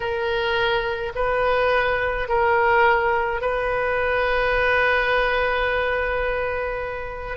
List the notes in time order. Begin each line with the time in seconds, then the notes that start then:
0.00 A#4
1.15 B4
2.28 A#4
3.41 B4